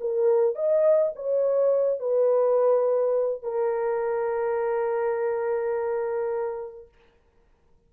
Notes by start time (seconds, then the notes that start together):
0.00 A#4
0.55 D#5
1.15 C#5
1.99 B4
3.42 A#4